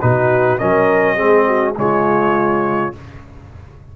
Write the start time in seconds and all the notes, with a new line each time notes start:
0.00 B2 D#4 F#4 B4
0.58 F#3 C#4 A#4 D#5
1.15 G#3 C4 G#4
1.47 F#4
1.76 C#3 G#3 F4 C#5